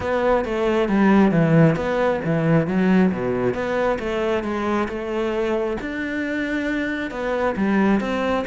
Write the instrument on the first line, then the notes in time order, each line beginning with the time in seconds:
cello
0.00 B3
0.44 A3
0.88 G3
1.31 E3
1.76 B3
2.24 E3
2.67 F#3
3.12 B2
3.54 B3
3.99 A3
4.43 G#3
4.88 A3
5.80 D4
7.10 B3
7.56 G3
8.00 C4